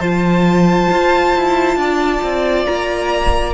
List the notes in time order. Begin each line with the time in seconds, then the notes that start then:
0.00 F3 F4 C5 A5
0.91 F4
1.35 E4
1.76 D4 D5
2.23 C4
2.65 A#3 A#5